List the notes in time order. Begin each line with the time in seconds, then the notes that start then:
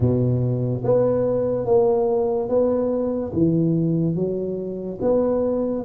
0.00 B2
0.84 B3
1.65 A#3
2.48 B3
3.33 E3
4.15 F#3
5.01 B3